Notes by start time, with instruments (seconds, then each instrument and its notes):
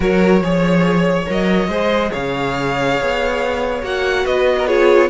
0.00 cello F#3, viola F#4, violin A#4 C#5
0.40 cello F3, viola G#4, violin C#5
1.26 cello F#3, viola A#4, violin D#5
1.68 cello G#3, viola G#4, violin C5
2.11 cello C#3, violin C#5 F5
3.00 cello B3
3.82 cello A#3, viola F#4, violin F#5
4.24 cello B3, violin B4 D#5
4.58 violin A#4
4.67 viola F4, violin G#4 C#5